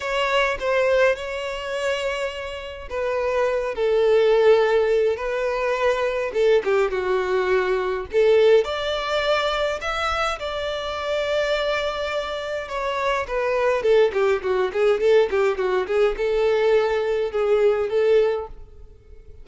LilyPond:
\new Staff \with { instrumentName = "violin" } { \time 4/4 \tempo 4 = 104 cis''4 c''4 cis''2~ | cis''4 b'4. a'4.~ | a'4 b'2 a'8 g'8 | fis'2 a'4 d''4~ |
d''4 e''4 d''2~ | d''2 cis''4 b'4 | a'8 g'8 fis'8 gis'8 a'8 g'8 fis'8 gis'8 | a'2 gis'4 a'4 | }